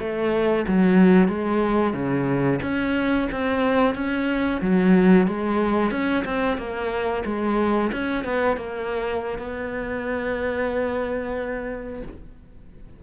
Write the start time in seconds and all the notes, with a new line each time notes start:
0.00 A3
0.68 F#3
1.28 G#3
1.94 C#3
2.63 C#4
3.32 C4
3.95 C#4
4.62 F#3
5.27 G#3
5.92 C#4
6.25 C4
6.58 A#3
7.26 G#3
7.93 C#4
8.25 B3
8.57 A#3
9.39 B3